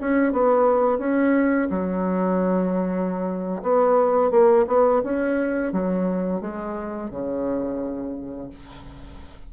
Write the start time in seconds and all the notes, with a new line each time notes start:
0.00 C#4
0.32 B3
0.98 C#4
1.70 F#3
3.62 B3
4.30 A#3
4.67 B3
5.03 C#4
5.72 F#3
6.40 G#3
7.10 C#3